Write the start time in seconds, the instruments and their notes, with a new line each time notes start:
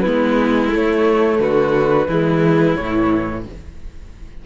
0.00 viola B3, violin E4, flute B4
0.06 cello G#3
0.69 viola A3, cello A3, flute C#5
1.39 cello D3, violin F#4, flute B4
2.08 cello E3, viola G#3, violin E4
2.75 cello A2, viola E3, flute C#5